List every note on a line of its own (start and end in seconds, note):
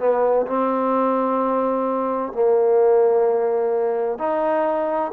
0.00 0.47 B3
0.47 2.33 C4
2.33 4.19 A#3
4.19 5.12 D#4